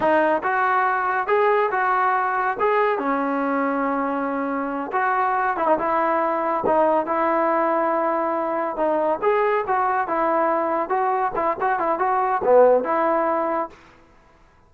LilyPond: \new Staff \with { instrumentName = "trombone" } { \time 4/4 \tempo 4 = 140 dis'4 fis'2 gis'4 | fis'2 gis'4 cis'4~ | cis'2.~ cis'8 fis'8~ | fis'4 e'16 dis'16 e'2 dis'8~ |
dis'8 e'2.~ e'8~ | e'8 dis'4 gis'4 fis'4 e'8~ | e'4. fis'4 e'8 fis'8 e'8 | fis'4 b4 e'2 | }